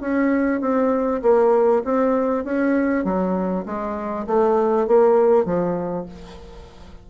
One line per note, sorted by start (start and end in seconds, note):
0.00 0.61 C#4
0.61 1.21 C4
1.22 1.82 A#3
1.84 2.44 C4
2.44 3.04 C#4
3.04 3.65 F#3
3.65 4.26 G#3
4.26 4.87 A3
4.87 5.45 A#3
5.45 6.05 F3